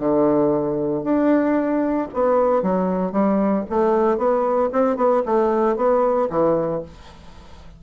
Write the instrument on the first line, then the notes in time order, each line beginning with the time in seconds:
bassoon
0.00 D3
1.04 D4
2.14 B3
2.63 F#3
3.12 G3
3.70 A3
4.18 B3
4.73 C4
4.97 B3
5.26 A3
5.77 B3
6.30 E3